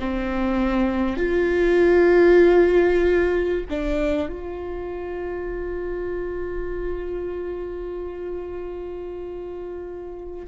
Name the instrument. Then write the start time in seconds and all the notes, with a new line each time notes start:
viola
0.00 C4
1.18 F4
3.71 D4
4.29 F4